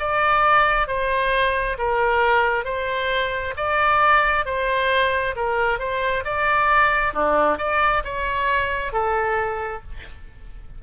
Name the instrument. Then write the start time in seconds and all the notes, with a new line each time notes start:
oboe
0.00 D5
0.88 C5
1.78 A#4
2.65 C5
3.57 D5
4.46 C5
5.36 A#4
5.80 C5
6.25 D5
7.14 D4
7.58 D5
8.05 C#5
8.93 A4